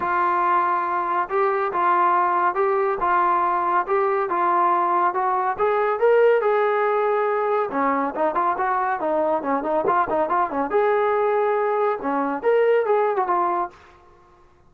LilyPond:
\new Staff \with { instrumentName = "trombone" } { \time 4/4 \tempo 4 = 140 f'2. g'4 | f'2 g'4 f'4~ | f'4 g'4 f'2 | fis'4 gis'4 ais'4 gis'4~ |
gis'2 cis'4 dis'8 f'8 | fis'4 dis'4 cis'8 dis'8 f'8 dis'8 | f'8 cis'8 gis'2. | cis'4 ais'4 gis'8. fis'16 f'4 | }